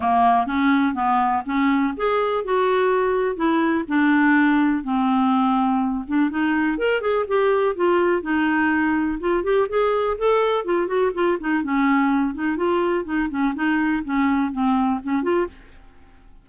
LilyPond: \new Staff \with { instrumentName = "clarinet" } { \time 4/4 \tempo 4 = 124 ais4 cis'4 b4 cis'4 | gis'4 fis'2 e'4 | d'2 c'2~ | c'8 d'8 dis'4 ais'8 gis'8 g'4 |
f'4 dis'2 f'8 g'8 | gis'4 a'4 f'8 fis'8 f'8 dis'8 | cis'4. dis'8 f'4 dis'8 cis'8 | dis'4 cis'4 c'4 cis'8 f'8 | }